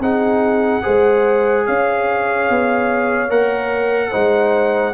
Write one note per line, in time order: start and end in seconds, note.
0.00 0.82 C4
0.00 0.83 D#4
0.00 0.84 G#4
0.00 1.67 F#5
0.83 1.68 G#3
0.83 3.29 G#4
0.83 1.66 C5
1.67 2.50 C#4
1.67 4.11 C#5
1.67 3.31 F5
2.50 3.30 B3
3.30 4.12 A#3
3.30 4.12 A#4
3.30 4.94 F#5
4.11 4.94 G#3
4.11 4.94 D#4
4.11 4.93 C5